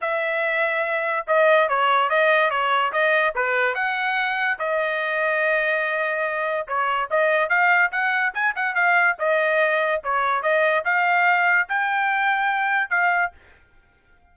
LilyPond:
\new Staff \with { instrumentName = "trumpet" } { \time 4/4 \tempo 4 = 144 e''2. dis''4 | cis''4 dis''4 cis''4 dis''4 | b'4 fis''2 dis''4~ | dis''1 |
cis''4 dis''4 f''4 fis''4 | gis''8 fis''8 f''4 dis''2 | cis''4 dis''4 f''2 | g''2. f''4 | }